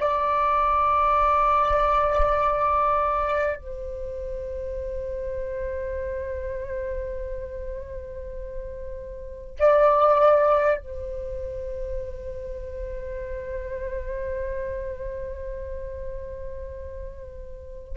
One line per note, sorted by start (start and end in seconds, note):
0.00 3.56 D5
3.56 9.56 C5
9.59 10.78 D5
10.78 17.97 C5